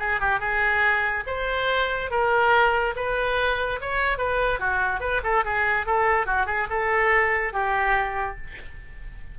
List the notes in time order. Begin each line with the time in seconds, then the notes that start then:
0.00 G#4
0.20 G4
0.40 G#4
1.27 C5
2.11 A#4
2.96 B4
3.81 C#5
4.18 B4
4.60 F#4
5.01 B4
5.24 A4
5.45 G#4
5.87 A4
6.27 F#4
6.47 G#4
6.70 A4
7.54 G4